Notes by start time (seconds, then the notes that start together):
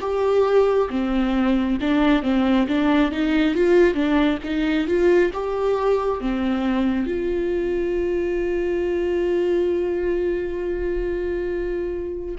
0.00 G4
0.89 C4
1.80 D4
2.22 C4
2.68 D4
3.11 D#4
3.54 F4
3.94 D4
4.43 D#4
4.87 F4
5.33 G4
6.20 C4
7.06 F4